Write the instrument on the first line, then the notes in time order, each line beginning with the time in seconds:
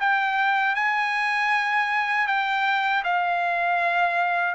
trumpet
0.00 G5
0.76 G#5
2.28 G5
3.04 F5